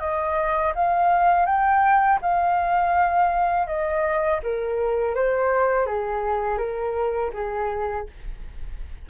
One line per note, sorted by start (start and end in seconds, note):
0.00 0.73 D#5
0.75 1.46 F5
1.46 2.19 G5
2.22 3.67 F5
3.67 4.40 D#5
4.43 5.15 A#4
5.15 5.86 C5
5.86 6.58 G#4
6.58 7.31 A#4
7.34 8.07 G#4